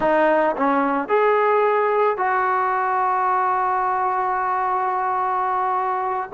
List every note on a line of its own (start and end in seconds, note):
0.00 0.55 D#4
0.56 1.08 C#4
1.08 2.17 G#4
2.17 6.30 F#4